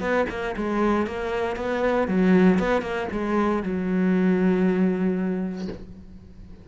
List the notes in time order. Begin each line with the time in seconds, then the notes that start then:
0.00 B3
0.29 A#3
0.56 G#3
1.06 A#3
1.56 B3
2.07 F#3
2.59 B3
2.82 A#3
3.11 G#3
3.63 F#3